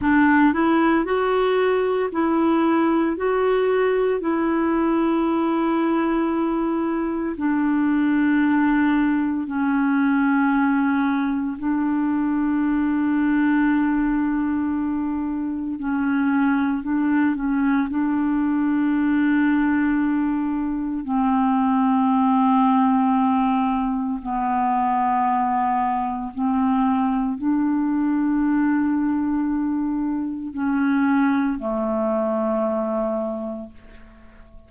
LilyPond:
\new Staff \with { instrumentName = "clarinet" } { \time 4/4 \tempo 4 = 57 d'8 e'8 fis'4 e'4 fis'4 | e'2. d'4~ | d'4 cis'2 d'4~ | d'2. cis'4 |
d'8 cis'8 d'2. | c'2. b4~ | b4 c'4 d'2~ | d'4 cis'4 a2 | }